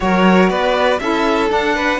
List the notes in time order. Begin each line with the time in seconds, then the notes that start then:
0.00 F#3 F#4 A#4 C#5
0.49 B3 B4 D5
0.99 C#4 E4 A4 E5
1.48 D4 F#5
1.75 B4